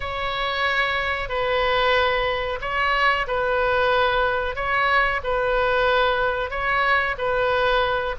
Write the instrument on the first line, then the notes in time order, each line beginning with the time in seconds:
oboe
0.00 C#5
1.28 B4
2.61 C#5
3.27 B4
4.55 C#5
5.23 B4
6.50 C#5
7.17 B4